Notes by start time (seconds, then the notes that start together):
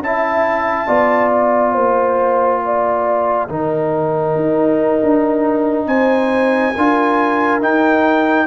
0.00 C#4 E4 E5 A5
0.87 B3 F4 D5
1.32 G5
1.73 A#3 C5
2.65 D5
3.48 D#3 D#4 A#4
4.35 D#4
5.02 D4
5.87 C4 C5 G#5
6.74 D4 F4 A#4
7.61 D#4 G5